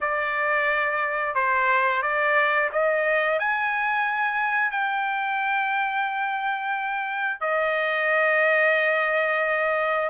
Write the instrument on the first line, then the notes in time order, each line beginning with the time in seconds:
trumpet
0.00 D5
1.35 C5
2.02 D5
2.72 D#5
3.39 G#5
4.71 G5
7.40 D#5